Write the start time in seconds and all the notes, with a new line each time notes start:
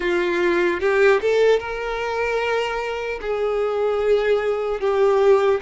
0.00 F4
0.80 G4
1.21 A4
1.59 A#4
3.21 G#4
4.80 G4